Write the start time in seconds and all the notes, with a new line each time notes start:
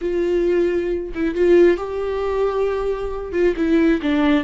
0.01 F4
1.14 E4
1.35 F4
1.77 G4
3.32 F4
3.56 E4
4.01 D4